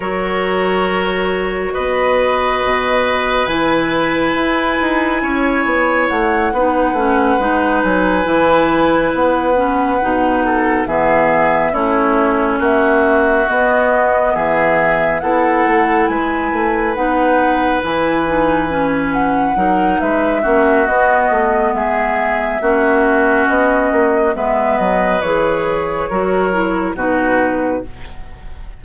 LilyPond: <<
  \new Staff \with { instrumentName = "flute" } { \time 4/4 \tempo 4 = 69 cis''2 dis''2 | gis''2. fis''4~ | fis''4 gis''4. fis''4.~ | fis''8 e''4 cis''4 e''4 dis''8~ |
dis''8 e''4 fis''4 gis''4 fis''8~ | fis''8 gis''4. fis''4 e''4 | dis''4 e''2 dis''4 | e''8 dis''8 cis''2 b'4 | }
  \new Staff \with { instrumentName = "oboe" } { \time 4/4 ais'2 b'2~ | b'2 cis''4. b'8~ | b'1 | a'8 gis'4 e'4 fis'4.~ |
fis'8 gis'4 a'4 b'4.~ | b'2~ b'8 ais'8 b'8 fis'8~ | fis'4 gis'4 fis'2 | b'2 ais'4 fis'4 | }
  \new Staff \with { instrumentName = "clarinet" } { \time 4/4 fis'1 | e'2.~ e'8 dis'8 | cis'8 dis'4 e'4. cis'8 dis'8~ | dis'8 b4 cis'2 b8~ |
b4. e'2 dis'8~ | dis'8 e'8 dis'8 cis'4 dis'4 cis'8 | b2 cis'2 | b4 gis'4 fis'8 e'8 dis'4 | }
  \new Staff \with { instrumentName = "bassoon" } { \time 4/4 fis2 b4 b,4 | e4 e'8 dis'8 cis'8 b8 a8 b8 | a8 gis8 fis8 e4 b4 b,8~ | b,8 e4 a4 ais4 b8~ |
b8 e4 b8 a8 gis8 a8 b8~ | b8 e2 fis8 gis8 ais8 | b8 a8 gis4 ais4 b8 ais8 | gis8 fis8 e4 fis4 b,4 | }
>>